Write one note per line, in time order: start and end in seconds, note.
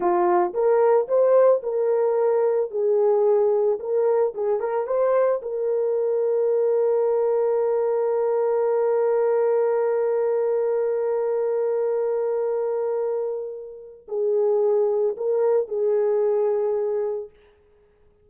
0.00 0.53 F4
0.53 1.07 A#4
1.07 1.61 C5
1.62 2.70 A#4
2.70 3.78 G#4
3.79 4.33 A#4
4.34 4.60 G#4
4.60 4.86 A#4
4.86 5.41 C5
5.42 14.06 A#4
14.08 15.16 G#4
15.16 15.68 A#4
15.68 17.30 G#4